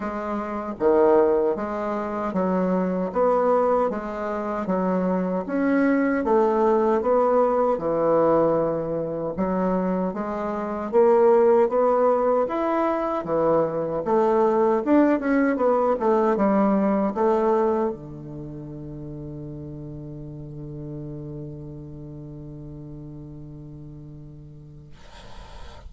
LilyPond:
\new Staff \with { instrumentName = "bassoon" } { \time 4/4 \tempo 4 = 77 gis4 dis4 gis4 fis4 | b4 gis4 fis4 cis'4 | a4 b4 e2 | fis4 gis4 ais4 b4 |
e'4 e4 a4 d'8 cis'8 | b8 a8 g4 a4 d4~ | d1~ | d1 | }